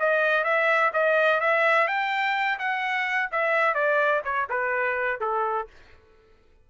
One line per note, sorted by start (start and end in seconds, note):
0.00 0.44 D#5
0.44 0.92 E5
0.94 1.40 D#5
1.40 1.88 E5
1.88 2.59 G5
2.59 3.30 F#5
3.32 3.75 E5
3.75 4.22 D5
4.25 4.48 C#5
4.50 5.21 B4
5.21 5.68 A4